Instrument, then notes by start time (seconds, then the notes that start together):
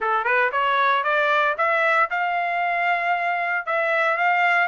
trumpet
0.00 A4
0.24 B4
0.52 C#5
1.03 D5
1.57 E5
2.10 F5
3.66 E5
4.17 F5